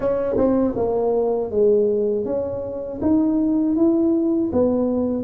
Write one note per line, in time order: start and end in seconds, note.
0.00 0.36 C#4
0.37 0.74 C4
0.76 1.50 A#3
1.50 2.25 G#3
2.25 3.00 C#4
3.01 3.75 D#4
3.75 4.50 E4
4.52 5.23 B3